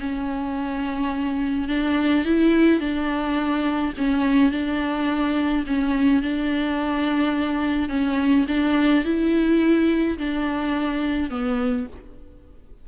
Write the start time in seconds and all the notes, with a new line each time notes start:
0.00 C#4
1.68 D4
2.25 E4
2.80 D4
3.97 C#4
4.52 D4
5.67 C#4
6.22 D4
7.89 C#4
8.48 D4
9.05 E4
10.18 D4
11.30 B3